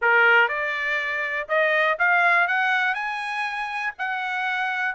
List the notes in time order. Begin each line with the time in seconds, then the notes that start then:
0.01 A#4
0.48 D5
1.48 D#5
1.98 F5
2.47 F#5
2.94 G#5
3.98 F#5